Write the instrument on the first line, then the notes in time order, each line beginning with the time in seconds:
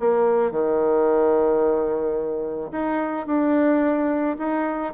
bassoon
0.00 A#3
0.51 D#3
2.72 D#4
3.27 D4
4.39 D#4